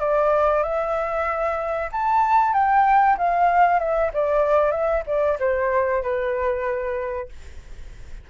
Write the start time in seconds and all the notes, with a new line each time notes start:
0.00 D5
0.63 E5
1.92 A5
2.53 G5
3.18 F5
3.80 E5
4.13 D5
4.72 E5
5.07 D5
5.40 C5
6.03 B4